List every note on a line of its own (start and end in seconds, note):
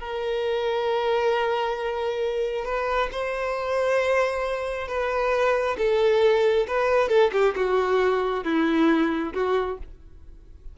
0.00 2.65 A#4
2.65 3.09 B4
3.12 4.88 C5
4.88 5.77 B4
5.78 6.66 A4
6.67 7.09 B4
7.09 7.31 A4
7.32 7.55 G4
7.56 8.44 F#4
8.44 9.33 E4
9.34 9.78 F#4